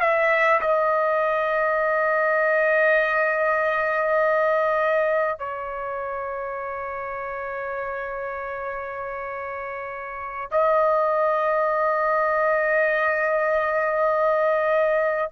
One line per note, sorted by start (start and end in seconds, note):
0.00 0.60 E5
0.60 5.38 D#5
5.38 10.48 C#5
10.51 15.31 D#5